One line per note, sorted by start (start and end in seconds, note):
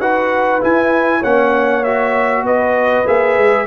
0.00 0.61 D#4
0.00 0.61 F#4
0.00 1.20 B4
0.00 0.61 F#5
0.61 1.22 E4
0.61 1.23 E4
0.61 1.23 G#5
1.20 2.42 A#3
1.20 1.85 C#4
1.20 2.42 C#5
1.20 1.84 F#5
1.84 3.06 F#4
1.84 2.45 E5
2.42 3.03 B3
2.42 3.67 B4
2.42 3.07 D#5
3.06 3.37 A#3
3.06 3.67 G#4
3.06 3.67 E5
3.37 3.67 G#3